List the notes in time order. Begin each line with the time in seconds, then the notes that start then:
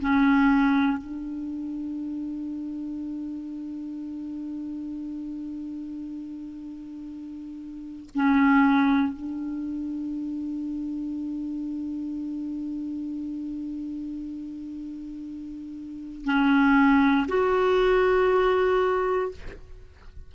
0.00 C#4
0.97 D4
8.14 C#4
9.13 D4
16.25 C#4
17.28 F#4